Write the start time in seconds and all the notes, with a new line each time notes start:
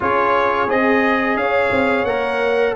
0.00 C#4 F4 G#4 C#5
0.68 C4 G#4 D#5
1.36 C#4 C#5 F5
1.71 C4
2.04 A#3 A#4 F#5